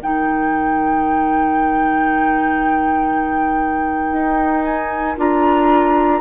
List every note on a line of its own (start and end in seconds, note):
0.00 4.13 D#3
0.00 5.18 D#4
0.00 6.21 A#4
0.00 4.64 G5
4.13 5.16 D#4
4.64 5.16 G#5
5.18 6.21 D4
5.18 6.21 F4
5.18 6.21 A#5